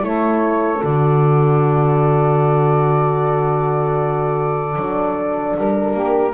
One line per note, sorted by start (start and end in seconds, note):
0.00 0.83 A3
0.00 0.79 E4
0.00 5.93 A4
0.00 0.84 C#5
0.82 4.76 D3
0.82 4.77 F#4
0.82 5.58 D5
4.76 5.55 F#3
4.76 6.34 D4
5.57 5.94 G3
5.57 6.34 A#4
5.93 6.34 A#3
5.93 6.33 G4